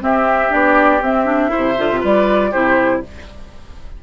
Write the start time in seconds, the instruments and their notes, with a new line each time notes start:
0.00 clarinet C4, bassoon C4, oboe G4, flute E5
0.49 bassoon B3, clarinet D4, flute D5
1.01 bassoon C4, clarinet C4, flute E5
1.25 clarinet D4
1.48 clarinet E4, oboe C5
1.56 bassoon C3
1.78 bassoon D3, clarinet F4
1.91 bassoon C3
2.00 bassoon G3, oboe B4, flute D5
2.51 bassoon C3, clarinet E4, oboe G4, flute C5